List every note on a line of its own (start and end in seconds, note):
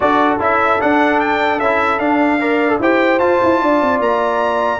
0.00 0.39 D4
0.00 0.39 F#4
0.00 2.40 A4
0.00 0.38 D5
0.39 0.79 C#4
0.39 0.79 E4
0.39 0.81 E5
0.80 1.60 D4
0.80 1.59 D4
0.80 1.20 F#5
1.20 1.59 G5
1.59 1.99 C#4
1.59 1.99 E4
1.59 1.99 E5
1.99 2.79 D4
1.99 2.39 D4
1.99 2.79 F5
2.40 2.68 A#4
2.40 2.80 D5
2.68 2.78 A4
2.79 3.19 E4
2.79 3.19 G4
2.79 3.61 C5
2.79 3.19 G5
3.19 3.39 F4
3.19 4.79 F4
3.19 3.99 A5
3.43 3.61 E4
3.61 3.81 D4
3.61 4.80 D5
3.81 3.99 C4
3.99 4.79 A#3
3.99 4.80 A#5